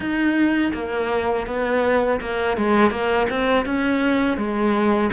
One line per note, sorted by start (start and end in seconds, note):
0.00 0.72 D#4
0.73 1.46 A#3
1.46 2.20 B3
2.21 2.57 A#3
2.57 2.90 G#3
2.90 3.27 A#3
3.29 3.65 C4
3.65 4.37 C#4
4.37 5.10 G#3